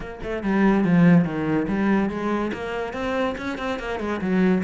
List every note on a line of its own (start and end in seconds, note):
0.00 0.19 A#3
0.23 0.43 A3
0.43 0.84 G3
0.84 1.25 F3
1.25 1.66 D#3
1.68 2.09 G3
2.09 2.51 G#3
2.53 2.93 A#3
2.93 3.35 C4
3.37 3.58 C#4
3.58 3.79 C4
3.79 3.99 A#3
3.99 4.20 G#3
4.21 4.63 F#3